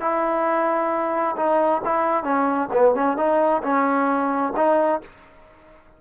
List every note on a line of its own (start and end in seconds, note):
0.00 1.35 E4
1.36 1.81 D#4
1.84 2.23 E4
2.23 2.68 C#4
2.73 2.95 B3
2.95 3.17 C#4
3.17 3.62 D#4
3.63 4.53 C#4
4.56 5.01 D#4